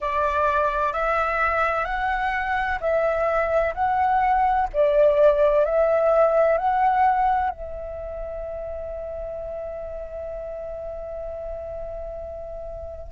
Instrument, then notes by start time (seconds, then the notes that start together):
flute
0.00 D5
0.92 E5
1.85 F#5
2.80 E5
3.74 F#5
4.73 D5
5.65 E5
6.57 F#5
7.50 E5